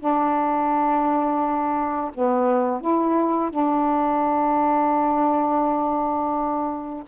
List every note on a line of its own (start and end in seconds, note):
0.00 2.12 D4
2.15 2.81 B3
2.81 3.51 E4
3.51 7.04 D4